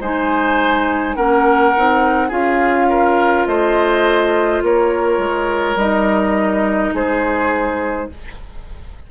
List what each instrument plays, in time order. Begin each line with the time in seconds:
0.00 bassoon G#3, clarinet D#4, oboe C5, flute G#5
1.15 bassoon A#3, clarinet C#4, oboe A#4, flute F#5
1.76 bassoon C4, clarinet D#4
2.28 bassoon C#4, clarinet F4, oboe G#4, flute F5
2.90 oboe A#4
3.47 bassoon A3, oboe C5, flute D#5
4.62 bassoon A#3, oboe A#4, flute C#5
5.18 bassoon G#3
5.76 bassoon G3, clarinet D#4, flute D#5
6.94 bassoon G#3, oboe G#4, flute C5